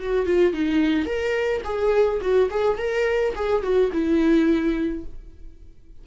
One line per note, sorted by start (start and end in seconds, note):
0.00 0.26 F#4
0.26 0.53 F4
0.53 1.06 D#4
1.06 1.62 A#4
1.65 2.21 G#4
2.21 2.50 F#4
2.51 2.78 G#4
2.78 3.34 A#4
3.35 3.63 G#4
3.63 3.91 F#4
3.93 5.05 E4